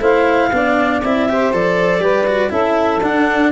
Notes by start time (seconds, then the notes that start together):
0.00 A3 E4 C5 F5
0.52 B3 D4 D5
1.03 C4 E4 E5
1.29 G4 C5
1.53 F3 A4 D5
1.99 G3 G4 B4
2.27 F#4
2.50 C#4 E4 A4 E5
3.02 D4 F#5